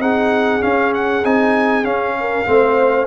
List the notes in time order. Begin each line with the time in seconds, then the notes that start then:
0.00 C4 D#4 G#4 F#5
0.61 C#4 F5
0.94 F#5
1.24 C4 D#4 G#5
1.84 C#4 F5
2.20 A#4
2.46 A3 C4 C5